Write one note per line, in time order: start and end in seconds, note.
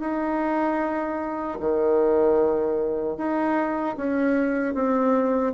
0.00 1.58 D#4
1.60 3.17 D#3
3.17 3.96 D#4
3.97 4.74 C#4
4.74 5.53 C4